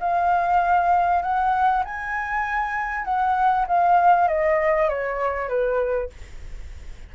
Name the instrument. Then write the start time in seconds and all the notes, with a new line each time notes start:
flute
0.00 F5
1.22 F#5
1.85 G#5
3.05 F#5
3.68 F5
4.28 D#5
4.89 C#5
5.49 B4